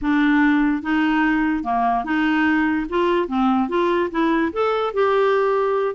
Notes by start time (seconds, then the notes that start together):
0.01 D4
0.82 D#4
1.63 A#3
2.04 D#4
2.89 F4
3.27 C4
3.68 F4
4.10 E4
4.52 A4
4.93 G4